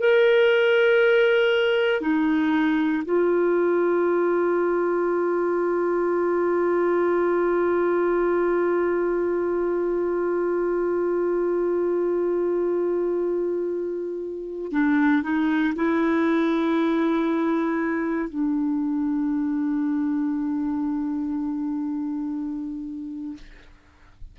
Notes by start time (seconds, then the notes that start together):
0.00 A#4
2.01 D#4
3.05 F4
14.72 D4
15.23 D#4
15.76 E4
18.30 D4